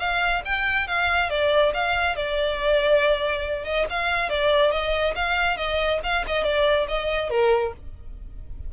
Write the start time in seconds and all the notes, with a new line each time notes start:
0.00 F5
0.45 G5
0.88 F5
1.30 D5
1.75 F5
2.16 D5
3.65 D#5
3.91 F5
4.30 D5
4.72 D#5
5.16 F5
5.57 D#5
6.04 F5
6.27 D#5
6.44 D5
6.89 D#5
7.31 A#4